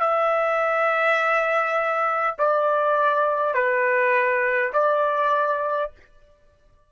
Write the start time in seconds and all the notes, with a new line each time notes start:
0.00 E5
2.38 D5
3.54 B4
4.73 D5